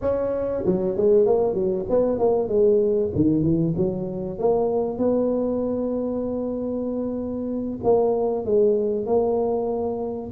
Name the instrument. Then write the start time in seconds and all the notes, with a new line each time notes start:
tuba
0.01 C#4
0.65 F#3
0.96 G#3
1.26 A#3
1.54 F#3
1.89 B3
2.18 A#3
2.48 G#3
3.15 D#3
3.42 E3
3.77 F#3
4.38 A#3
4.97 B3
7.83 A#3
8.45 G#3
9.05 A#3